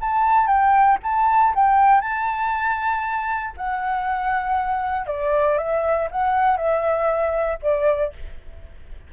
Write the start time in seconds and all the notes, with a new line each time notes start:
0.00 A5
0.47 G5
1.03 A5
1.55 G5
2.01 A5
3.57 F#5
5.06 D5
5.57 E5
6.10 F#5
6.57 E5
7.62 D5